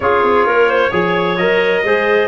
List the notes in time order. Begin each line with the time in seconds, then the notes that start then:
0.00 C#4 F4 G#4 C#5
0.23 C4
0.46 A#3 A#4
0.69 C5
0.89 F3 G#4 C#5
1.36 F#3 A#4 D#5
1.83 G#3 G#4 C5